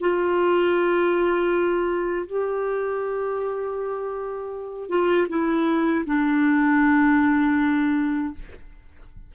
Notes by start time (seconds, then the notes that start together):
0.00 F4
2.26 G4
4.88 F4
5.28 E4
6.06 D4